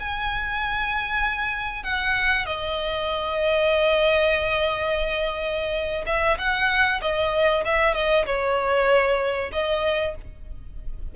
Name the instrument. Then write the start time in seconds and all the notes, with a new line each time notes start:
violin
0.00 G#5
1.84 F#5
2.46 D#5
6.07 E5
6.38 F#5
7.02 D#5
7.65 E5
7.95 D#5
8.26 C#5
9.53 D#5